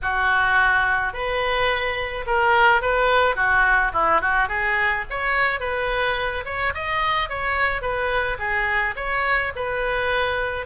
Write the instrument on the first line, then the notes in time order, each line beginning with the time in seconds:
oboe
0.02 F#4
1.13 B4
2.26 A#4
2.81 B4
3.35 F#4
3.93 E4
4.21 F#4
4.48 G#4
5.10 C#5
5.60 B4
6.45 C#5
6.74 D#5
7.29 C#5
7.81 B4
8.38 G#4
8.96 C#5
9.55 B4